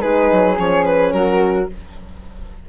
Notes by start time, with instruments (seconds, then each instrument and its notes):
0.00 bassoon G#3, horn D#4, flute G#4, violin B4
0.32 bassoon F#3
0.56 bassoon F3, horn C#4, violin C#5
0.85 violin B4
1.13 bassoon F#3, flute F#4, violin A#4